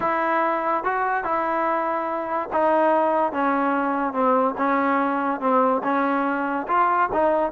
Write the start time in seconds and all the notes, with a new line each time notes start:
0.00 E4
0.84 F#4
1.24 E4
2.52 D#4
3.32 C#4
4.13 C4
4.57 C#4
5.40 C4
5.83 C#4
6.67 F4
7.12 D#4